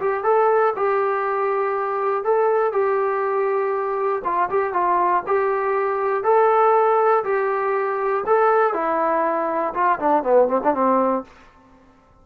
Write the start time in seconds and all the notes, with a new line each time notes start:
0.00 G4
0.24 A4
0.76 G4
2.24 A4
2.72 G4
4.24 F4
4.50 G4
4.73 F4
5.27 G4
6.23 A4
7.24 G4
8.26 A4
8.74 E4
9.74 F4
9.99 D4
10.23 B3
10.48 C4
10.64 D4
10.74 C4